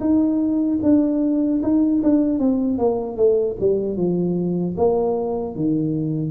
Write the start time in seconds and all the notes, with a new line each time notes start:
0.00 D#4
0.83 D4
1.63 D#4
2.03 D4
2.39 C4
2.78 A#3
3.17 A3
3.60 G3
3.97 F3
4.77 A#3
5.55 D#3